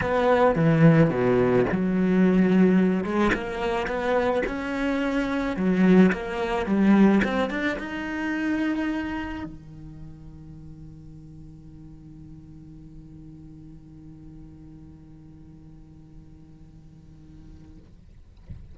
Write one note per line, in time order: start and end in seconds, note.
0.00 0.55 B3
0.55 1.10 E3
1.10 1.65 B2
1.71 3.04 F#3
3.04 3.31 G#3
3.34 3.87 A#3
3.87 4.42 B3
4.46 5.56 C#4
5.56 6.12 F#3
6.12 6.66 A#3
6.66 7.21 G3
7.24 7.50 C4
7.50 7.78 D4
7.78 9.44 D#4
9.44 17.77 D#3